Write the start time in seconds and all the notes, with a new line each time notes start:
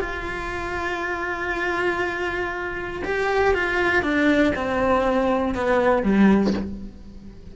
0.00 F4
3.04 G4
3.54 F4
4.02 D4
4.55 C4
5.55 B3
6.03 G3